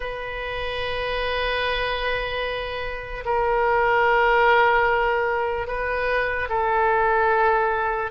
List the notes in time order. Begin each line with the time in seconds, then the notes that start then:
0.00 B4
3.25 A#4
5.67 B4
6.49 A4